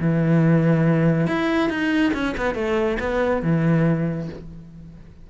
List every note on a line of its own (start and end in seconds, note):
0.00 1.27 E3
1.27 1.70 E4
1.70 2.13 D#4
2.13 2.35 C#4
2.37 2.55 B3
2.55 2.98 A3
3.00 3.42 B3
3.42 4.29 E3